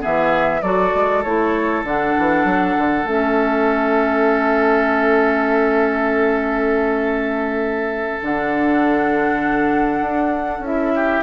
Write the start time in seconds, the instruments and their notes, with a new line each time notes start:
0.00 bassoon E3, clarinet B3, oboe G#4, flute E5
0.62 bassoon F#3, clarinet F#4, oboe A4, flute D5
0.94 bassoon G#3
1.23 bassoon A3, clarinet E4, flute C#5
1.83 bassoon D3, clarinet D4, flute F#5
2.18 bassoon E3
2.44 bassoon F#3
2.78 bassoon D3
3.04 bassoon A3, clarinet C#4, flute E5
8.22 bassoon D3, clarinet D4, flute F#5
10.01 bassoon D4
10.59 bassoon C#4, clarinet E4
10.66 flute E5
10.95 oboe G4